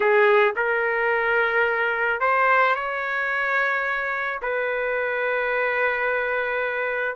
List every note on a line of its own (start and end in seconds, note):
0.00 0.54 G#4
0.56 2.20 A#4
2.20 2.75 C5
2.75 4.40 C#5
4.42 7.15 B4